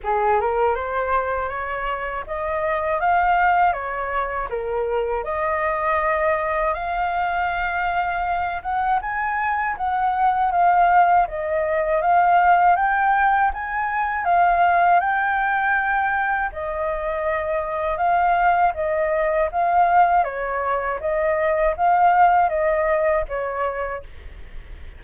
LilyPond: \new Staff \with { instrumentName = "flute" } { \time 4/4 \tempo 4 = 80 gis'8 ais'8 c''4 cis''4 dis''4 | f''4 cis''4 ais'4 dis''4~ | dis''4 f''2~ f''8 fis''8 | gis''4 fis''4 f''4 dis''4 |
f''4 g''4 gis''4 f''4 | g''2 dis''2 | f''4 dis''4 f''4 cis''4 | dis''4 f''4 dis''4 cis''4 | }